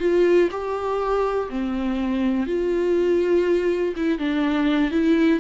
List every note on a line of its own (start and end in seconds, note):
0.00 0.49 F4
0.51 1.49 G4
1.50 2.47 C4
2.47 3.94 F4
3.97 4.19 E4
4.19 4.91 D4
4.91 5.40 E4